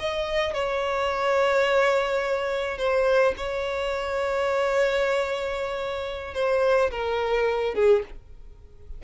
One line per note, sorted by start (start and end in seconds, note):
0.00 0.54 D#5
0.54 2.78 C#5
2.78 3.35 C5
3.38 6.35 C#5
6.35 6.91 C5
6.91 7.75 A#4
7.75 8.03 G#4